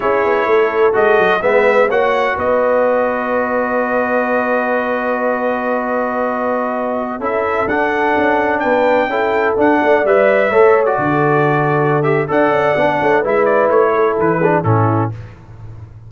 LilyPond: <<
  \new Staff \with { instrumentName = "trumpet" } { \time 4/4 \tempo 4 = 127 cis''2 dis''4 e''4 | fis''4 dis''2.~ | dis''1~ | dis''2.~ dis''16 e''8.~ |
e''16 fis''2 g''4.~ g''16~ | g''16 fis''4 e''4.~ e''16 d''4~ | d''4. e''8 fis''2 | e''8 d''8 cis''4 b'4 a'4 | }
  \new Staff \with { instrumentName = "horn" } { \time 4/4 gis'4 a'2 b'4 | cis''4 b'2.~ | b'1~ | b'2.~ b'16 a'8.~ |
a'2~ a'16 b'4 a'8.~ | a'8. d''4. cis''4 a'8.~ | a'2 d''4. cis''8 | b'4. a'4 gis'8 e'4 | }
  \new Staff \with { instrumentName = "trombone" } { \time 4/4 e'2 fis'4 b4 | fis'1~ | fis'1~ | fis'2.~ fis'16 e'8.~ |
e'16 d'2. e'8.~ | e'16 d'4 b'4 a'8. fis'4~ | fis'4. g'8 a'4 d'4 | e'2~ e'8 d'8 cis'4 | }
  \new Staff \with { instrumentName = "tuba" } { \time 4/4 cis'8 b8 a4 gis8 fis8 gis4 | ais4 b2.~ | b1~ | b2.~ b16 cis'8.~ |
cis'16 d'4 cis'4 b4 cis'8.~ | cis'16 d'8 a8 g4 a4 d8.~ | d2 d'8 cis'8 b8 a8 | gis4 a4 e4 a,4 | }
>>